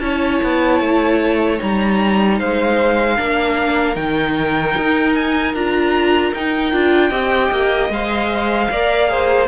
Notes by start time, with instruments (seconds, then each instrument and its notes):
0.00 cello C#4, viola E4, violin C#5 A5
0.43 cello B3
0.80 cello A3
1.57 cello G3, viola D#4, violin A#5
2.38 cello G#3, violin C5 F5
3.16 cello A#3, viola D4, violin A#4
3.95 cello D#3, viola D#4, violin G5
4.76 cello D#4
5.14 violin G#5
5.53 cello D4, viola F4, violin A#5
6.34 cello D#4, viola D#4, violin G5
6.72 cello D4, viola F4
7.09 cello C4, viola G4, violin D#5
7.50 cello A#3
7.89 cello G#3, viola C5, violin F5
8.70 cello A#3, viola A#4, violin D5
9.08 viola G#4, violin C5